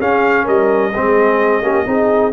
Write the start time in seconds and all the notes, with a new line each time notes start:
0.00 C#4 G#4 F5
0.44 G3 A#4 D#5
0.95 G#3 C4 G#4
1.62 A#3 C#4 G4
1.86 C4 D#4 G#4